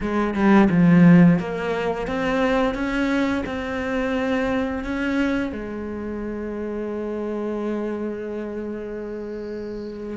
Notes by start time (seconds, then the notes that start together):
0.00 G#3
0.34 G3
0.70 F3
1.39 A#3
2.07 C4
2.74 C#4
3.46 C4
4.84 C#4
5.52 G#3